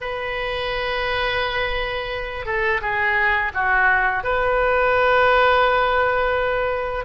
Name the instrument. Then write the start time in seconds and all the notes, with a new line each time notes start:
oboe
0.00 B4
2.45 A4
2.81 G#4
3.54 F#4
4.24 B4